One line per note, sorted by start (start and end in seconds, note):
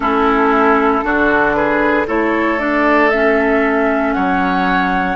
0.00 1.03 A3
0.00 1.02 C#4
0.00 1.04 E4
0.00 1.54 A4
1.02 2.07 D3
1.02 2.06 D4
1.02 1.56 F#4
1.54 2.07 G#4
1.54 2.06 B4
2.07 4.15 A3
2.07 2.58 E4
2.07 4.14 A4
2.07 2.59 C#5
2.58 3.10 D4
2.58 3.10 D5
3.10 5.16 C#4
3.10 4.13 E5
4.13 5.16 F#3
4.13 5.16 C#5
4.13 5.16 F#5